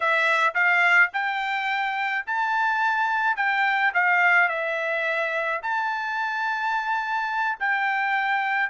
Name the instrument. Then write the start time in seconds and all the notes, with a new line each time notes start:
trumpet
0.00 E5
0.54 F5
1.13 G5
2.26 A5
3.36 G5
3.94 F5
4.48 E5
5.62 A5
7.59 G5